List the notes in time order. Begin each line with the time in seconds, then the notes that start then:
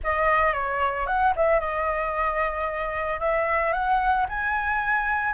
0.03 D#5
0.53 C#5
1.06 F#5
1.36 E5
1.59 D#5
3.19 E5
3.72 F#5
4.29 G#5